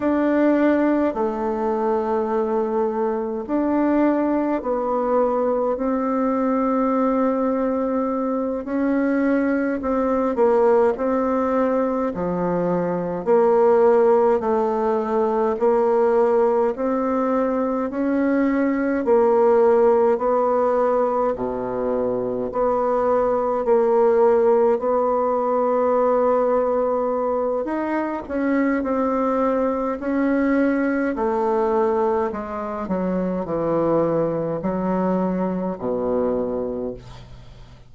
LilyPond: \new Staff \with { instrumentName = "bassoon" } { \time 4/4 \tempo 4 = 52 d'4 a2 d'4 | b4 c'2~ c'8 cis'8~ | cis'8 c'8 ais8 c'4 f4 ais8~ | ais8 a4 ais4 c'4 cis'8~ |
cis'8 ais4 b4 b,4 b8~ | b8 ais4 b2~ b8 | dis'8 cis'8 c'4 cis'4 a4 | gis8 fis8 e4 fis4 b,4 | }